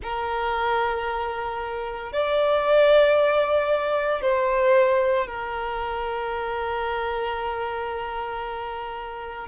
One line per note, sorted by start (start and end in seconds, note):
0.02 2.12 A#4
2.12 4.21 D5
4.21 5.26 C5
5.26 9.47 A#4